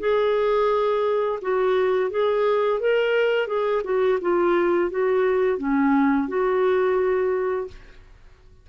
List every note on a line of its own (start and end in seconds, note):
0.00 1.40 G#4
1.42 2.11 F#4
2.11 2.80 G#4
2.80 3.48 A#4
3.48 3.82 G#4
3.84 4.19 F#4
4.22 4.91 F4
4.91 5.58 F#4
5.58 6.28 C#4
6.29 7.68 F#4